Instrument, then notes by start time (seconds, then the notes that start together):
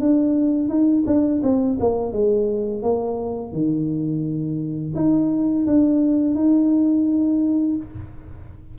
tuba
0.00 D4
0.69 D#4
1.06 D4
1.43 C4
1.80 A#3
2.12 G#3
2.82 A#3
3.52 D#3
4.95 D#4
5.66 D4
6.35 D#4